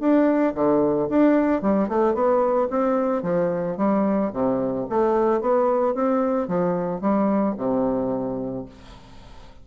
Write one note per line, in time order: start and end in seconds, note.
0.00 0.54 D4
0.55 1.09 D3
1.10 1.62 D4
1.62 1.88 G3
1.88 2.14 A3
2.14 2.68 B3
2.70 3.23 C4
3.23 3.77 F3
3.77 4.31 G3
4.33 4.87 C3
4.89 5.41 A3
5.41 5.95 B3
5.95 6.48 C4
6.48 7.01 F3
7.01 7.55 G3
7.57 8.65 C3